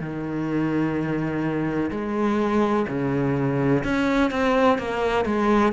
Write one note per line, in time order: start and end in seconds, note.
0.00 1.90 D#3
1.91 2.86 G#3
2.89 3.84 C#3
3.84 4.31 C#4
4.31 4.78 C4
4.79 5.26 A#3
5.26 5.73 G#3